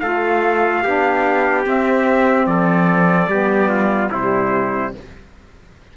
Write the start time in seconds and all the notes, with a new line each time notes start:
0.00 A3 F4 A4 F5
0.83 B3 D4 G4
1.64 C4 E5
2.46 F3 A4 D5
3.27 G3 B3 G4
3.69 F4
4.11 C3 G3 E4 C5